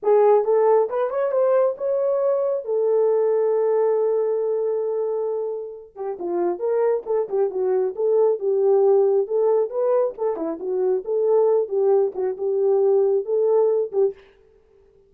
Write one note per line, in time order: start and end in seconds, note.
0.03 0.44 G#4
0.44 0.88 A4
0.89 1.10 B4
1.10 1.31 C#5
1.31 1.75 C5
1.77 2.65 C#5
2.65 5.95 A4
5.95 6.17 G4
6.19 6.59 F4
6.59 7.03 A#4
7.06 7.28 A4
7.29 7.50 G4
7.50 7.94 F#4
7.95 8.39 A4
8.39 9.27 G4
9.27 9.70 A4
9.70 10.14 B4
10.17 10.36 A4
10.36 10.58 E4
10.59 11.03 F#4
11.05 11.68 A4
11.68 12.12 G4
12.14 12.36 F#4
12.37 13.25 G4
13.25 13.91 A4
13.92 14.14 G4